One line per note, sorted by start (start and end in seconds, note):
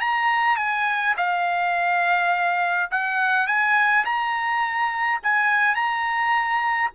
0.00 0.57 A#5
0.57 1.14 G#5
1.17 2.90 F5
2.91 3.47 F#5
3.47 4.04 G#5
4.05 5.20 A#5
5.23 5.75 G#5
5.75 6.90 A#5